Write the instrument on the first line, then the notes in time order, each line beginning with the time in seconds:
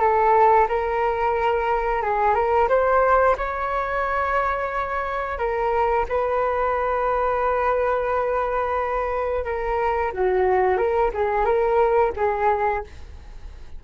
flute
0.00 A4
0.68 A#4
2.02 G#4
2.34 A#4
2.68 C5
3.37 C#5
5.38 A#4
6.09 B4
9.45 A#4
10.12 F#4
10.77 A#4
11.14 G#4
11.45 A#4
12.16 G#4